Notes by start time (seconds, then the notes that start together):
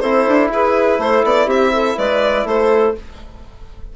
0.00 C4 E4 A4 C5
0.27 D4
0.50 E4 G#4 B4
0.99 A3 A4 C5
1.24 B3 D5
1.46 C4 G4 E5
1.72 A4
1.97 G#3 B4 D5
2.45 A3 A4 C5